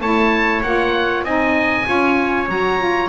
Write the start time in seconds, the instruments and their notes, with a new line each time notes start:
0.00 double bass A3, saxophone E4, trumpet C#5, oboe A5
0.62 double bass A#3, saxophone F4, oboe F#5
1.23 double bass C4, saxophone D#4, trumpet D#5, oboe G#5
1.85 double bass C#4, saxophone F4, trumpet C#5
2.48 double bass F#3, saxophone F#4, oboe A#5
2.78 saxophone F4